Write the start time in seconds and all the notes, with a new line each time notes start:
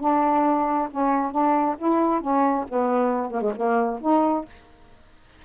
0.00 D4
0.90 C#4
1.31 D4
1.78 E4
2.20 C#4
2.69 B3
3.31 A#3
3.41 G#3
3.56 A#3
4.01 D#4